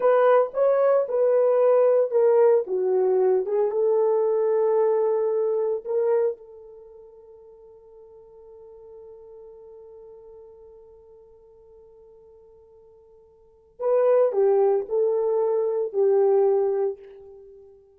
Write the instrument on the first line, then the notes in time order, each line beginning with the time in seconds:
horn
0.00 B4
0.53 C#5
1.08 B4
2.10 A#4
2.66 F#4
3.45 G#4
3.71 A4
5.84 A#4
6.37 A4
13.79 B4
14.32 G4
14.88 A4
15.92 G4